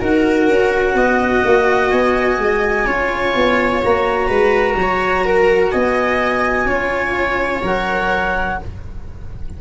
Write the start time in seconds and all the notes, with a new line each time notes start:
0.00 D#4 F#4 A#4 F#5
0.48 C#4
0.95 B3 D#5
1.45 A#3
1.91 B3 G#5
2.38 G#3
2.86 C#4 F4 C#5
3.36 B3
3.83 A#3 F#4 A#5
4.27 G#3 B4
4.75 F#3
4.82 C#5
5.25 A#4
5.71 B3 D#5 G#5
6.66 C#4 F4 C#5
7.63 F#3 A#4 F#5